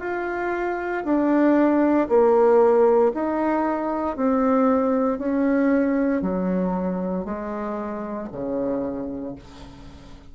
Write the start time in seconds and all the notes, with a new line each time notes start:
0.00 F4
1.05 D4
2.09 A#3
3.14 D#4
4.17 C4
5.19 C#4
6.22 F#3
7.25 G#3
8.32 C#3